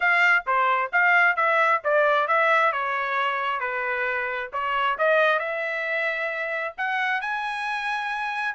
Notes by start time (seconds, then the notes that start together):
0.00 F5
0.46 C5
0.92 F5
1.36 E5
1.84 D5
2.27 E5
2.72 C#5
3.60 B4
4.52 C#5
4.98 D#5
5.39 E5
6.77 F#5
7.21 G#5